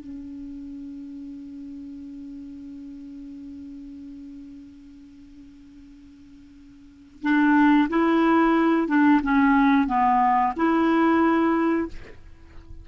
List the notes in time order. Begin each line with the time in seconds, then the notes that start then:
0.00 C#4
7.22 D4
7.89 E4
8.88 D4
9.23 C#4
9.87 B3
10.56 E4